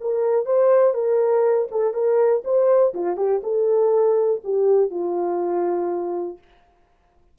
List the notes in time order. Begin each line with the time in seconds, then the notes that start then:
0.00 A#4
0.45 C5
0.94 A#4
1.71 A4
1.93 A#4
2.44 C5
2.94 F4
3.16 G4
3.43 A4
4.44 G4
4.90 F4